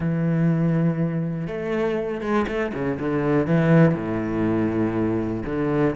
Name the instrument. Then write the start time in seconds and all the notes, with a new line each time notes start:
cello
0.00 E3
1.47 A3
2.21 G#3
2.47 A3
2.73 C#3
2.99 D3
3.46 E3
3.94 A2
5.45 D3